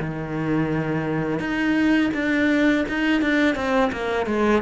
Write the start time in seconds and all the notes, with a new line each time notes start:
0.00 D#3
1.39 D#4
2.14 D4
2.89 D#4
3.21 D4
3.55 C4
3.92 A#3
4.26 G#3